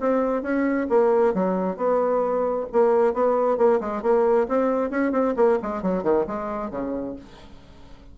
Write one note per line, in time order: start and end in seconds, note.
0.00 0.43 C4
0.43 0.87 C#4
0.90 1.34 A#3
1.34 1.77 F#3
1.77 2.67 B3
2.72 3.14 A#3
3.14 3.58 B3
3.58 3.80 A#3
3.81 4.03 G#3
4.03 4.47 A#3
4.49 4.91 C4
4.91 5.12 C#4
5.12 5.34 C4
5.37 5.59 A#3
5.63 5.82 G#3
5.82 6.03 F#3
6.03 6.26 D#3
6.27 6.71 G#3
6.71 7.16 C#3